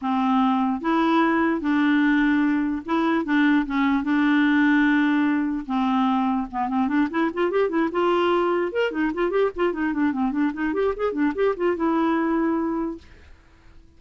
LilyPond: \new Staff \with { instrumentName = "clarinet" } { \time 4/4 \tempo 4 = 148 c'2 e'2 | d'2. e'4 | d'4 cis'4 d'2~ | d'2 c'2 |
b8 c'8 d'8 e'8 f'8 g'8 e'8 f'8~ | f'4. ais'8 dis'8 f'8 g'8 f'8 | dis'8 d'8 c'8 d'8 dis'8 g'8 gis'8 d'8 | g'8 f'8 e'2. | }